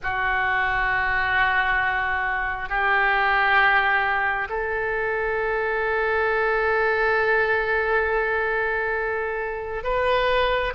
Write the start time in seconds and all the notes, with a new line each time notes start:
0.02 F#4
2.69 G4
4.49 A4
9.83 B4